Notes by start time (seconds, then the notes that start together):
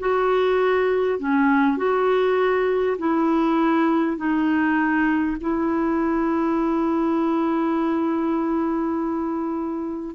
0.00 F#4
1.19 C#4
1.78 F#4
2.98 E4
4.17 D#4
5.41 E4